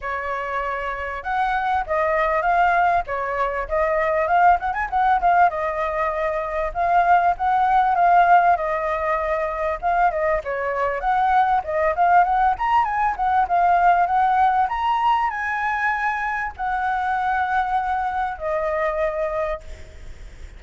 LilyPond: \new Staff \with { instrumentName = "flute" } { \time 4/4 \tempo 4 = 98 cis''2 fis''4 dis''4 | f''4 cis''4 dis''4 f''8 fis''16 gis''16 | fis''8 f''8 dis''2 f''4 | fis''4 f''4 dis''2 |
f''8 dis''8 cis''4 fis''4 dis''8 f''8 | fis''8 ais''8 gis''8 fis''8 f''4 fis''4 | ais''4 gis''2 fis''4~ | fis''2 dis''2 | }